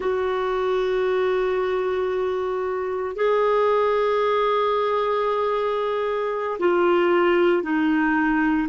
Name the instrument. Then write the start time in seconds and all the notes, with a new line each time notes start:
clarinet
0.00 F#4
3.15 G#4
6.59 F4
7.63 D#4